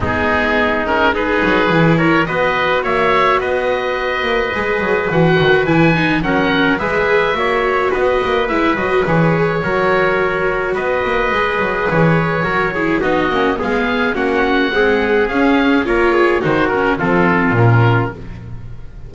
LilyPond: <<
  \new Staff \with { instrumentName = "oboe" } { \time 4/4 \tempo 4 = 106 gis'4. ais'8 b'4. cis''8 | dis''4 e''4 dis''2~ | dis''4 fis''4 gis''4 fis''4 | e''2 dis''4 e''8 dis''8 |
cis''2. dis''4~ | dis''4 cis''2 dis''4 | f''4 fis''2 f''4 | cis''4 c''8 ais'8 a'4 ais'4 | }
  \new Staff \with { instrumentName = "trumpet" } { \time 4/4 dis'2 gis'4. ais'8 | b'4 cis''4 b'2~ | b'2. ais'4 | b'4 cis''4 b'2~ |
b'4 ais'2 b'4~ | b'2 ais'8 gis'8 fis'4 | gis'4 fis'4 gis'2 | ais'8 gis'8 fis'4 f'2 | }
  \new Staff \with { instrumentName = "viola" } { \time 4/4 b4. cis'8 dis'4 e'4 | fis'1 | gis'4 fis'4 e'8 dis'8 cis'4 | gis'4 fis'2 e'8 fis'8 |
gis'4 fis'2. | gis'2 fis'8 e'8 dis'8 cis'8 | b4 cis'4 gis4 cis'4 | f'4 dis'8 cis'8 c'4 cis'4 | }
  \new Staff \with { instrumentName = "double bass" } { \time 4/4 gis2~ gis8 fis8 e4 | b4 ais4 b4. ais8 | gis8 fis8 e8 dis8 e4 fis4 | gis4 ais4 b8 ais8 gis8 fis8 |
e4 fis2 b8 ais8 | gis8 fis8 e4 fis4 b8 ais8 | gis4 ais4 c'4 cis'4 | ais4 dis4 f4 ais,4 | }
>>